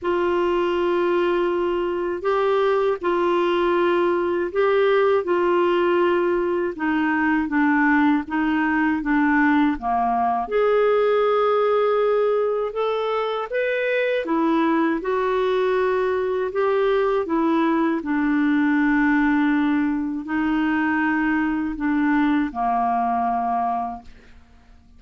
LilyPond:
\new Staff \with { instrumentName = "clarinet" } { \time 4/4 \tempo 4 = 80 f'2. g'4 | f'2 g'4 f'4~ | f'4 dis'4 d'4 dis'4 | d'4 ais4 gis'2~ |
gis'4 a'4 b'4 e'4 | fis'2 g'4 e'4 | d'2. dis'4~ | dis'4 d'4 ais2 | }